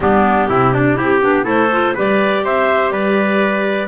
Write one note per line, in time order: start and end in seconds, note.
0.00 0.48 G3
0.00 0.49 B3
0.00 0.49 D4
0.00 1.47 G4
0.49 0.97 C3
0.49 0.73 C4
0.49 0.73 E4
0.73 0.97 D4
0.73 0.95 D4
0.95 1.22 C4
0.95 1.19 E4
0.95 1.44 G4
1.21 1.45 B3
1.21 1.43 D4
1.43 1.93 A3
1.43 1.67 E4
1.43 1.93 A4
1.43 1.96 C5
1.71 1.95 F4
1.94 2.44 G3
1.94 3.87 G4
1.94 2.43 B4
1.94 2.45 D5
2.44 2.90 C4
2.44 2.92 C5
2.44 2.91 E5
2.90 3.87 G3
2.90 3.87 B4
2.90 3.87 D5